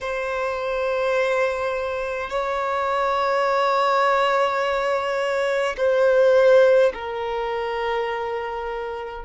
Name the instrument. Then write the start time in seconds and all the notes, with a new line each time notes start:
violin
0.01 C5
2.30 C#5
5.77 C5
6.93 A#4